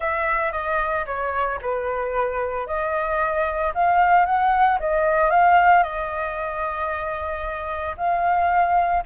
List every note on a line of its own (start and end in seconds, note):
0.00 0.52 E5
0.52 1.05 D#5
1.06 1.59 C#5
1.61 2.66 B4
2.66 3.72 D#5
3.74 4.25 F5
4.25 4.78 F#5
4.79 5.30 D#5
5.30 5.83 F5
5.83 7.95 D#5
7.97 9.03 F5